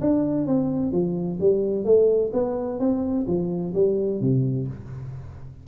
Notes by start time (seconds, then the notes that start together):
0.00 D4
0.46 C4
0.91 F3
1.40 G3
1.84 A3
2.33 B3
2.79 C4
3.27 F3
3.74 G3
4.20 C3